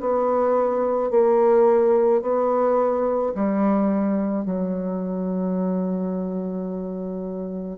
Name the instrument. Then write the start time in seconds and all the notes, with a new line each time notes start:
bassoon
0.00 B3
1.11 A#3
2.22 B3
3.35 G3
4.45 F#3